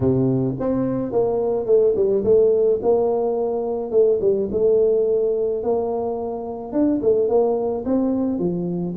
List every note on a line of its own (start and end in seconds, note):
0.00 0.54 C3
0.59 1.12 C4
1.12 1.66 A#3
1.66 1.94 A3
1.95 2.23 G3
2.24 2.80 A3
2.82 3.91 A#3
3.91 4.19 A3
4.21 4.49 G3
4.51 5.63 A3
5.63 6.72 A#3
6.72 7.00 D4
7.01 7.28 A3
7.28 7.84 A#3
7.85 8.39 C4
8.39 8.95 F3